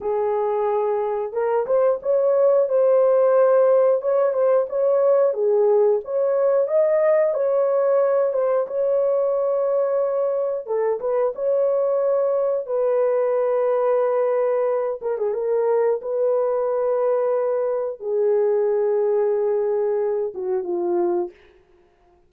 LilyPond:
\new Staff \with { instrumentName = "horn" } { \time 4/4 \tempo 4 = 90 gis'2 ais'8 c''8 cis''4 | c''2 cis''8 c''8 cis''4 | gis'4 cis''4 dis''4 cis''4~ | cis''8 c''8 cis''2. |
a'8 b'8 cis''2 b'4~ | b'2~ b'8 ais'16 gis'16 ais'4 | b'2. gis'4~ | gis'2~ gis'8 fis'8 f'4 | }